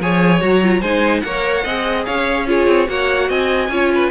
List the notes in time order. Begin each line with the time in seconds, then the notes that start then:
0.00 F3 G#4 C#5 G#5
0.40 F#3 F#4 A#5
0.62 F4
0.81 G#3 D#4 C5 G#5
1.20 A#3 A#4 C#5 F#5
1.64 C4 G#4 D#5
2.05 C#4 C#5 F5
2.47 F4 G#4 C#5
2.67 C4
2.86 A#3 F#4 C#5 F#5
3.29 C4 D#5 G#5
3.68 C#4 F4 C#5
3.95 B4